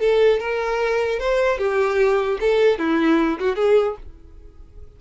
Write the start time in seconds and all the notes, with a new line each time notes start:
0.00 A4
0.40 A#4
1.20 C5
1.59 G4
2.41 A4
2.79 E4
3.40 F#4
3.56 G#4